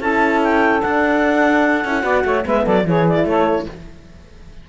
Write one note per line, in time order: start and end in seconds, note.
0.00 0.82 C#4
0.00 0.81 E4
0.00 2.04 A4
0.00 0.41 A5
0.43 0.82 G5
0.81 1.83 D4
0.81 1.85 D4
0.81 2.45 F#5
1.85 2.04 C#4
1.85 2.01 E4
2.01 2.24 B3
2.01 2.42 F#4
2.01 2.24 D5
2.24 2.45 A3
2.24 2.45 C#5
2.45 2.66 G#3
2.45 2.86 B3
2.45 2.64 B4
2.45 2.67 E5
2.64 2.85 F#3
2.64 2.84 A4
2.64 2.87 D5
2.85 3.25 E3
2.85 3.69 E4
2.85 3.27 G#4
2.85 3.08 C#5
3.08 3.27 D5
3.25 3.66 A3
3.25 3.68 A4
3.25 3.67 C#5